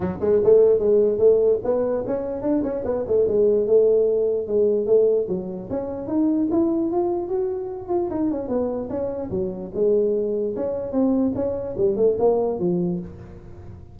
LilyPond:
\new Staff \with { instrumentName = "tuba" } { \time 4/4 \tempo 4 = 148 fis8 gis8 a4 gis4 a4 | b4 cis'4 d'8 cis'8 b8 a8 | gis4 a2 gis4 | a4 fis4 cis'4 dis'4 |
e'4 f'4 fis'4. f'8 | dis'8 cis'8 b4 cis'4 fis4 | gis2 cis'4 c'4 | cis'4 g8 a8 ais4 f4 | }